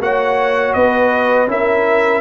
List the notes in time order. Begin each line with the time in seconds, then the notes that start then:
0.00 A#3 F#4 C#5 F#5
0.74 B3 B4 D#5
1.47 C#4 E4 A#4 E5